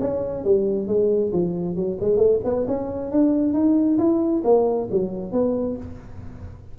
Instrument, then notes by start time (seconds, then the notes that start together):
tuba
0.00 C#4
0.44 G3
0.88 G#3
1.33 F3
1.76 F#3
2.01 G#3
2.18 A3
2.45 B3
2.68 C#4
3.12 D4
3.54 D#4
3.99 E4
4.45 A#3
4.91 F#3
5.33 B3